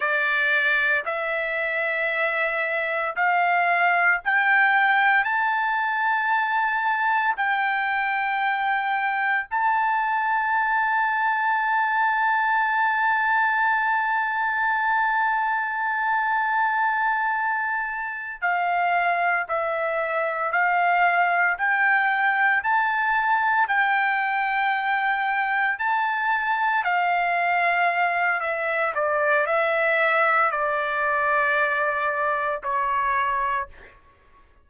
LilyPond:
\new Staff \with { instrumentName = "trumpet" } { \time 4/4 \tempo 4 = 57 d''4 e''2 f''4 | g''4 a''2 g''4~ | g''4 a''2.~ | a''1~ |
a''4. f''4 e''4 f''8~ | f''8 g''4 a''4 g''4.~ | g''8 a''4 f''4. e''8 d''8 | e''4 d''2 cis''4 | }